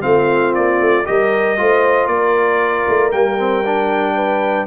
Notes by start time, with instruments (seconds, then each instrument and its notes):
0.00 tuba A3, trombone C4, horn F4, trumpet F5
0.54 tuba A#3, trumpet D5
0.80 tuba A3
1.05 tuba G3, trombone G4, horn A#4, trumpet D#5
1.57 tuba A3, trombone F4, horn C5
2.06 tuba A#3, horn A#4, trumpet D5
2.88 tuba A3
3.11 tuba G3, trombone A#3, trumpet G5
3.37 trombone C4
3.65 trombone D4
4.15 horn B4